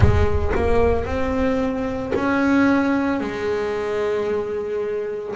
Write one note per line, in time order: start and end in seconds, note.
0.00 0.52 G#3
0.54 1.05 A#3
1.05 2.12 C4
2.15 3.20 C#4
3.20 5.34 G#3